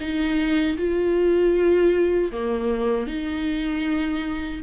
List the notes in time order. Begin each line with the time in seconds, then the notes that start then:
0.00 D#4
0.77 F4
2.32 A#3
3.07 D#4